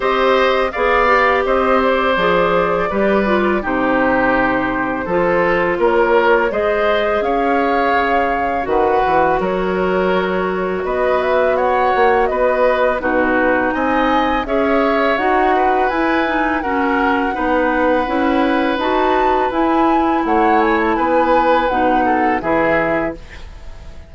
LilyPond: <<
  \new Staff \with { instrumentName = "flute" } { \time 4/4 \tempo 4 = 83 dis''4 f''4 dis''8 d''4.~ | d''4 c''2. | cis''4 dis''4 f''2 | fis''4 cis''2 dis''8 e''8 |
fis''4 dis''4 b'4 gis''4 | e''4 fis''4 gis''4 fis''4~ | fis''2 a''4 gis''4 | fis''8 gis''16 a''16 gis''4 fis''4 e''4 | }
  \new Staff \with { instrumentName = "oboe" } { \time 4/4 c''4 d''4 c''2 | b'4 g'2 a'4 | ais'4 c''4 cis''2 | b'4 ais'2 b'4 |
cis''4 b'4 fis'4 dis''4 | cis''4. b'4. ais'4 | b'1 | cis''4 b'4. a'8 gis'4 | }
  \new Staff \with { instrumentName = "clarinet" } { \time 4/4 g'4 gis'8 g'4. gis'4 | g'8 f'8 dis'2 f'4~ | f'4 gis'2. | fis'1~ |
fis'2 dis'2 | gis'4 fis'4 e'8 dis'8 cis'4 | dis'4 e'4 fis'4 e'4~ | e'2 dis'4 e'4 | }
  \new Staff \with { instrumentName = "bassoon" } { \time 4/4 c'4 b4 c'4 f4 | g4 c2 f4 | ais4 gis4 cis'4 cis4 | dis8 e8 fis2 b4~ |
b8 ais8 b4 b,4 c'4 | cis'4 dis'4 e'4 fis'4 | b4 cis'4 dis'4 e'4 | a4 b4 b,4 e4 | }
>>